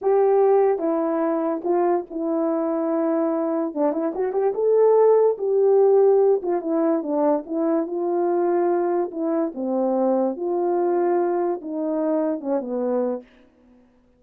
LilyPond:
\new Staff \with { instrumentName = "horn" } { \time 4/4 \tempo 4 = 145 g'2 e'2 | f'4 e'2.~ | e'4 d'8 e'8 fis'8 g'8 a'4~ | a'4 g'2~ g'8 f'8 |
e'4 d'4 e'4 f'4~ | f'2 e'4 c'4~ | c'4 f'2. | dis'2 cis'8 b4. | }